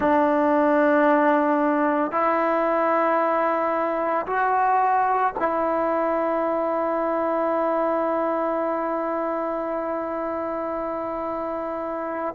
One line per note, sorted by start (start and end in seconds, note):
0.00 2.11 D4
2.11 4.26 E4
4.26 5.33 F#4
5.39 12.35 E4